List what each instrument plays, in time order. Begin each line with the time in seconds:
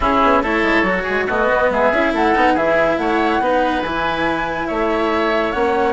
0.00 bassoon C#4, cello C#4, oboe E4, flute G#4
0.23 bassoon B3
0.41 bassoon A3, cello E4, oboe A4, flute C#5
0.62 bassoon G#3
0.82 bassoon F#3, cello F#4
1.03 oboe G#4
1.09 bassoon G#3
1.27 bassoon A3, cello B3, oboe F#4, flute D#5
1.48 bassoon B3
1.69 bassoon G#3, oboe G#4, flute E5
1.92 bassoon C#4, cello E4
2.13 bassoon A3, oboe A4, flute F#5
2.35 bassoon B3, cello D#4
2.53 bassoon E3, cello E4, oboe G#4, flute E5
2.97 bassoon A3, oboe C#5, flute F#5
3.39 bassoon B3, cello D#4, oboe B4
3.82 bassoon E3, cello E4, flute G#5
4.66 bassoon A3, oboe C#5, flute E5
5.52 bassoon A#3, cello C#4, flute F#5